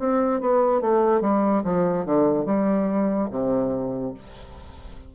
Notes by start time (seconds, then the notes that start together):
0.00 C4
0.41 B3
0.81 A3
1.22 G3
1.64 F3
2.06 D3
2.45 G3
3.31 C3